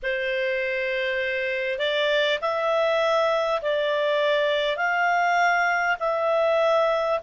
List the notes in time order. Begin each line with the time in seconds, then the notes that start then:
0.02 C5
1.78 D5
2.41 E5
3.62 D5
4.77 F5
5.99 E5